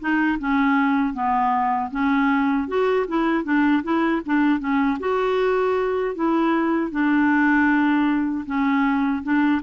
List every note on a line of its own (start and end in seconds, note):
0.00 0.38 D#4
0.39 1.14 C#4
1.14 1.91 B3
1.91 2.68 C#4
2.68 3.07 F#4
3.07 3.44 E4
3.44 3.83 D4
3.83 4.22 E4
4.26 4.60 D4
4.60 4.98 C#4
5.00 6.15 F#4
6.15 6.91 E4
6.91 8.45 D4
8.46 9.23 C#4
9.23 9.62 D4